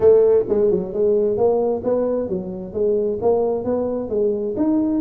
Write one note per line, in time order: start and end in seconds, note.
0.00 0.44 A3
0.49 0.70 G#3
0.70 0.93 F#3
0.93 1.37 G#3
1.37 1.82 A#3
1.83 2.28 B3
2.28 2.73 F#3
2.73 3.18 G#3
3.21 3.64 A#3
3.64 4.09 B3
4.09 4.55 G#3
4.56 5.01 D#4